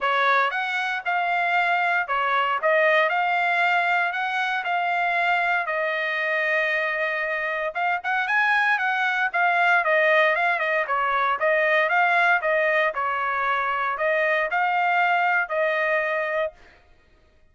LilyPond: \new Staff \with { instrumentName = "trumpet" } { \time 4/4 \tempo 4 = 116 cis''4 fis''4 f''2 | cis''4 dis''4 f''2 | fis''4 f''2 dis''4~ | dis''2. f''8 fis''8 |
gis''4 fis''4 f''4 dis''4 | f''8 dis''8 cis''4 dis''4 f''4 | dis''4 cis''2 dis''4 | f''2 dis''2 | }